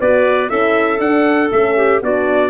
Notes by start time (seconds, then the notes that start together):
0.00 B3 F#4 B4 D5
0.48 C#4 E4 A4 E5
0.99 D4 F#5
1.51 A3 C#4 E5
1.76 G4
2.02 B3 D4 F#4 D5